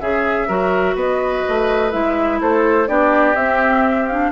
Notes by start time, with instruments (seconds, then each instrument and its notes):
0.00 bassoon C#3, clarinet G#4, oboe G#4, flute E5
0.48 bassoon F#3, clarinet F#4, oboe A#4
0.95 bassoon B3, oboe B4, flute D#5
1.49 bassoon A3
1.91 bassoon G#3, clarinet E4, flute E5
2.41 bassoon A3, oboe A4, flute C5
2.87 bassoon B3, clarinet D4, oboe G4, flute D5
3.35 bassoon C4, clarinet C4, flute E5
4.07 clarinet D4, flute F5